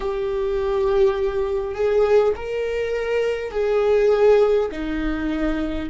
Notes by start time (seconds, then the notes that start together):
0.00 G4
1.74 G#4
2.36 A#4
3.51 G#4
4.71 D#4